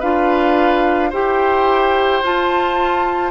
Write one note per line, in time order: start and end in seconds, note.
0.00 1.13 D4
0.00 1.12 F4
0.00 1.10 B4
0.00 1.12 F5
1.10 2.23 E4
1.10 2.23 G4
1.10 3.31 C5
1.10 2.25 G5
2.23 3.31 F4
2.23 3.31 A5